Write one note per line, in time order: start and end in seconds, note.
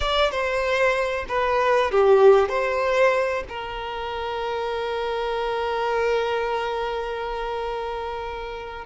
0.00 0.31 D5
0.31 1.25 C5
1.28 1.91 B4
1.91 2.48 G4
2.48 3.43 C5
3.48 8.85 A#4